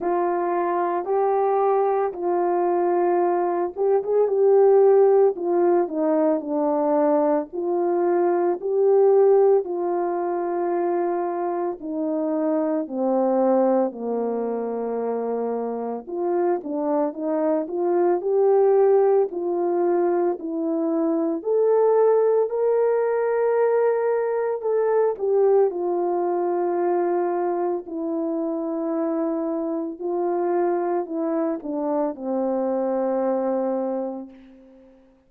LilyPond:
\new Staff \with { instrumentName = "horn" } { \time 4/4 \tempo 4 = 56 f'4 g'4 f'4. g'16 gis'16 | g'4 f'8 dis'8 d'4 f'4 | g'4 f'2 dis'4 | c'4 ais2 f'8 d'8 |
dis'8 f'8 g'4 f'4 e'4 | a'4 ais'2 a'8 g'8 | f'2 e'2 | f'4 e'8 d'8 c'2 | }